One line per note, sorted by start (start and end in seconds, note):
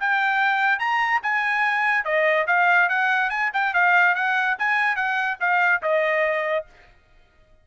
0.00 0.80 G5
0.80 1.21 A#5
1.23 2.05 G#5
2.05 2.47 D#5
2.48 2.89 F5
2.90 3.30 F#5
3.30 3.51 G#5
3.54 3.74 G5
3.74 4.15 F5
4.15 4.57 F#5
4.59 4.96 G#5
4.96 5.38 F#5
5.41 5.82 F5
5.82 6.66 D#5